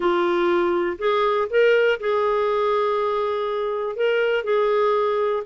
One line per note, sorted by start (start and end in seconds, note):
0.00 0.97 F4
0.98 1.47 G#4
1.50 1.99 A#4
2.00 3.96 G#4
3.96 4.44 A#4
4.44 5.43 G#4